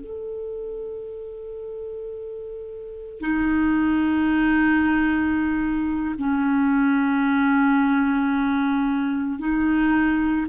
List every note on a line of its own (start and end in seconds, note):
0.00 3.20 A4
3.20 6.15 D#4
6.18 9.39 C#4
9.39 10.46 D#4